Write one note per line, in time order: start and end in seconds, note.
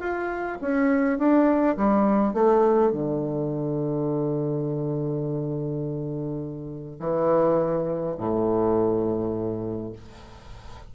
0.00 0.58 F4
0.61 1.18 C#4
1.18 1.77 D4
1.77 2.34 G3
2.34 2.92 A3
2.92 7.00 D3
7.00 8.16 E3
8.18 9.92 A2